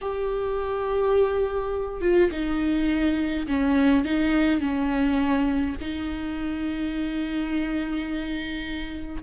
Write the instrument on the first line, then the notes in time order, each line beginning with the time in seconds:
viola
0.01 G4
2.01 F4
2.31 D#4
3.47 C#4
4.05 D#4
4.60 C#4
5.80 D#4